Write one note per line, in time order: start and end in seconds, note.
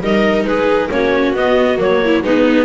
0.00 0.44 G3
0.00 0.90 D#4
0.00 0.46 A#4
0.00 0.45 D#5
0.44 0.88 G#3
0.44 0.90 G#4
0.44 0.89 B4
0.90 1.33 A#3
0.90 1.34 C#4
0.90 2.04 F#4
0.90 1.35 C#5
1.33 1.77 B3
1.33 1.79 D#5
1.77 2.22 F#3
1.77 2.22 A#3
1.77 2.24 C#5
2.04 2.23 E4
2.23 2.65 G#3
2.23 2.65 B3
2.23 2.65 D#4
2.23 2.65 B4